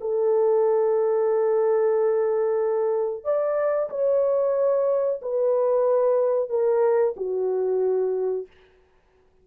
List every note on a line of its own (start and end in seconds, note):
0.00 3.24 A4
3.24 3.89 D5
3.90 5.20 C#5
5.21 6.49 B4
6.49 7.14 A#4
7.17 8.47 F#4